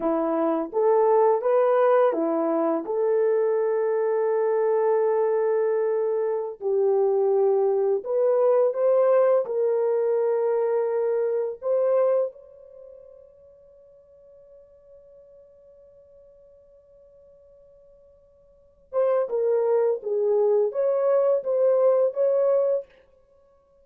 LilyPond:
\new Staff \with { instrumentName = "horn" } { \time 4/4 \tempo 4 = 84 e'4 a'4 b'4 e'4 | a'1~ | a'4~ a'16 g'2 b'8.~ | b'16 c''4 ais'2~ ais'8.~ |
ais'16 c''4 cis''2~ cis''8.~ | cis''1~ | cis''2~ cis''8 c''8 ais'4 | gis'4 cis''4 c''4 cis''4 | }